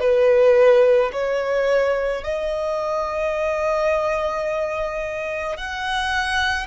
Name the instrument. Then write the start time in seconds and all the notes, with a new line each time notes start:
violin
0.00 B4
1.12 C#5
2.23 D#5
5.57 F#5